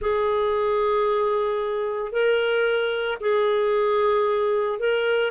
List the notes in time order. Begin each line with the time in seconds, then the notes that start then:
0.01 G#4
2.11 A#4
3.20 G#4
4.79 A#4